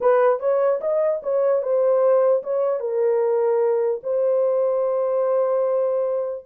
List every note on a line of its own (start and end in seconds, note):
0.01 0.39 B4
0.39 0.79 C#5
0.80 1.21 D#5
1.22 1.62 C#5
1.62 2.43 C5
2.43 2.79 C#5
2.79 4.00 A#4
4.03 6.44 C5